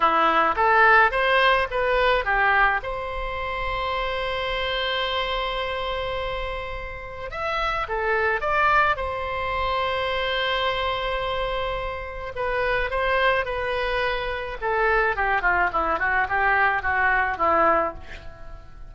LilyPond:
\new Staff \with { instrumentName = "oboe" } { \time 4/4 \tempo 4 = 107 e'4 a'4 c''4 b'4 | g'4 c''2.~ | c''1~ | c''4 e''4 a'4 d''4 |
c''1~ | c''2 b'4 c''4 | b'2 a'4 g'8 f'8 | e'8 fis'8 g'4 fis'4 e'4 | }